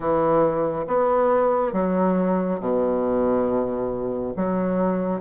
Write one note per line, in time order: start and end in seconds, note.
0.00 0.85 E3
0.87 1.72 B3
1.72 2.59 F#3
2.60 4.34 B2
4.36 5.20 F#3